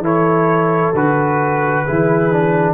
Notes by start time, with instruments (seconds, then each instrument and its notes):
0.00 tuba E3, trombone E4, horn A4, trumpet C#5
0.94 tuba D3, trombone F#4, trumpet B4
1.86 tuba E3, trombone E4, horn G#4
2.32 trombone D4